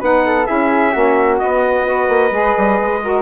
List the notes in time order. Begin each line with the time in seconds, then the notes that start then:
0.00 B3 D#4 B4 F#5
0.26 A4
0.47 C#4 E4 G#4 E5
0.93 A#3 C#4 F#4
1.39 B3 D#5
1.85 F#4 B4
2.09 A#3
2.32 G#3 G#4
2.58 G3
2.81 G#3
3.03 F#4 A#4